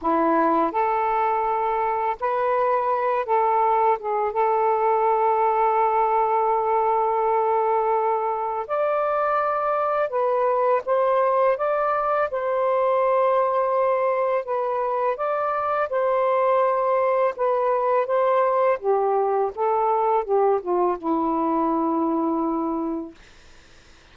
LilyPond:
\new Staff \with { instrumentName = "saxophone" } { \time 4/4 \tempo 4 = 83 e'4 a'2 b'4~ | b'8 a'4 gis'8 a'2~ | a'1 | d''2 b'4 c''4 |
d''4 c''2. | b'4 d''4 c''2 | b'4 c''4 g'4 a'4 | g'8 f'8 e'2. | }